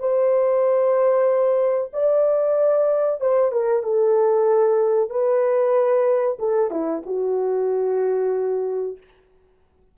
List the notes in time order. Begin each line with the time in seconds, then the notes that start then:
0.00 C5
1.94 D5
3.21 C5
3.52 A#4
3.84 A4
5.10 B4
6.39 A4
6.71 E4
7.06 F#4